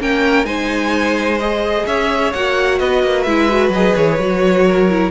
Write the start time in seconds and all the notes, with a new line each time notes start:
0.00 A#3 C#4 A#4 G5
0.44 G#3 D#4 C5 G#5
1.40 G#4 D#5
1.87 C#4 C#5 E5
2.33 A#3 F#4 F#5
2.79 B3 B4 D#5
3.04 A#3
3.23 G#3 E4 E5
3.50 F#4
3.70 F#3 G#4 D#5
3.96 E3 C#5
4.19 F#3 F#4
4.67 A#4
4.90 E4